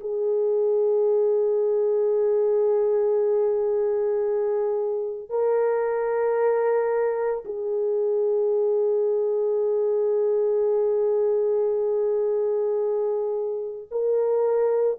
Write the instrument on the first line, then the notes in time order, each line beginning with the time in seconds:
horn
0.00 G#4
5.29 A#4
7.45 G#4
13.90 A#4